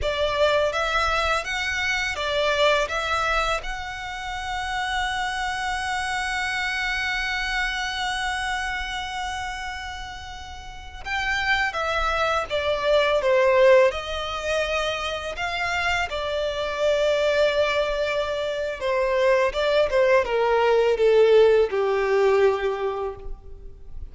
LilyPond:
\new Staff \with { instrumentName = "violin" } { \time 4/4 \tempo 4 = 83 d''4 e''4 fis''4 d''4 | e''4 fis''2.~ | fis''1~ | fis''2.~ fis''16 g''8.~ |
g''16 e''4 d''4 c''4 dis''8.~ | dis''4~ dis''16 f''4 d''4.~ d''16~ | d''2 c''4 d''8 c''8 | ais'4 a'4 g'2 | }